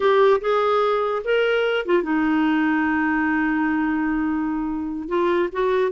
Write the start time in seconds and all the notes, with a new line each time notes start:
0.00 G4
0.40 G#4
1.24 A#4
1.85 F4
2.02 D#4
5.08 F4
5.52 F#4